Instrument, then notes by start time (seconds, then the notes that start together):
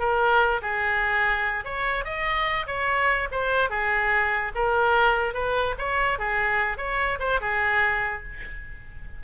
oboe
0.00 A#4
0.62 G#4
1.65 C#5
2.05 D#5
2.67 C#5
3.32 C5
3.70 G#4
4.55 A#4
5.34 B4
5.78 C#5
6.19 G#4
6.78 C#5
7.20 C5
7.41 G#4